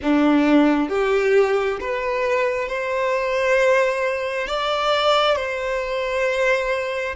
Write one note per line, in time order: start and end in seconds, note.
0.02 0.88 D4
0.88 1.78 G4
1.80 2.68 B4
2.68 4.47 C5
4.47 5.36 D5
5.36 7.15 C5